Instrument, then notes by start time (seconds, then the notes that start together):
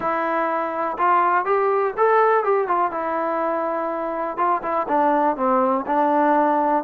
trombone
0.00 E4
0.98 F4
1.45 G4
1.97 A4
2.44 G4
2.67 F4
2.91 E4
4.37 F4
4.62 E4
4.88 D4
5.36 C4
5.86 D4